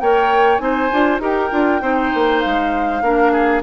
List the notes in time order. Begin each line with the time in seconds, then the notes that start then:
0.00 A#3 A#4 C#5 G5
0.58 C4 D#4 C5 G#5
0.92 D4 F4
1.20 D#4 G4 A#4 G5
1.51 D4 F4
1.81 C4 D#4 C5
2.14 A#3
2.40 G#3 F5
3.02 A#3 D4 A#4
3.32 G#4